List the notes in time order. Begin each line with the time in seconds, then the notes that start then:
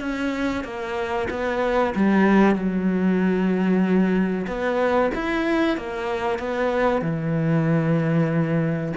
0.00 C#4
0.64 A#3
1.30 B3
1.95 G3
2.55 F#3
4.47 B3
5.15 E4
5.77 A#3
6.39 B3
7.02 E3